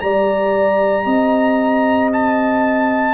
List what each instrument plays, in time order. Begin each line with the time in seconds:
0.00 tuba G3, trombone G4, horn D5, trumpet A#5
1.05 tuba C4, horn D#5
2.13 trumpet A5